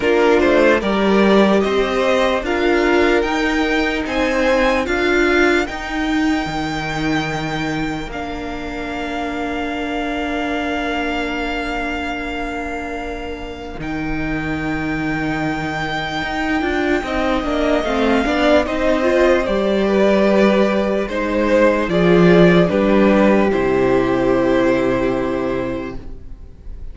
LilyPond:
<<
  \new Staff \with { instrumentName = "violin" } { \time 4/4 \tempo 4 = 74 ais'8 c''8 d''4 dis''4 f''4 | g''4 gis''4 f''4 g''4~ | g''2 f''2~ | f''1~ |
f''4 g''2.~ | g''2 f''4 dis''4 | d''2 c''4 d''4 | b'4 c''2. | }
  \new Staff \with { instrumentName = "violin" } { \time 4/4 f'4 ais'4 c''4 ais'4~ | ais'4 c''4 ais'2~ | ais'1~ | ais'1~ |
ais'1~ | ais'4 dis''4. d''8 c''4~ | c''8 b'4. c''4 gis'4 | g'1 | }
  \new Staff \with { instrumentName = "viola" } { \time 4/4 d'4 g'2 f'4 | dis'2 f'4 dis'4~ | dis'2 d'2~ | d'1~ |
d'4 dis'2.~ | dis'8 f'8 dis'8 d'8 c'8 d'8 dis'8 f'8 | g'2 dis'4 f'4 | d'4 e'2. | }
  \new Staff \with { instrumentName = "cello" } { \time 4/4 ais8 a8 g4 c'4 d'4 | dis'4 c'4 d'4 dis'4 | dis2 ais2~ | ais1~ |
ais4 dis2. | dis'8 d'8 c'8 ais8 a8 b8 c'4 | g2 gis4 f4 | g4 c2. | }
>>